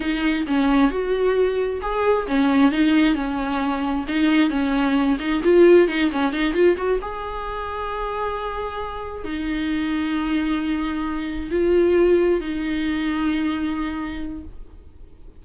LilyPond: \new Staff \with { instrumentName = "viola" } { \time 4/4 \tempo 4 = 133 dis'4 cis'4 fis'2 | gis'4 cis'4 dis'4 cis'4~ | cis'4 dis'4 cis'4. dis'8 | f'4 dis'8 cis'8 dis'8 f'8 fis'8 gis'8~ |
gis'1~ | gis'8 dis'2.~ dis'8~ | dis'4. f'2 dis'8~ | dis'1 | }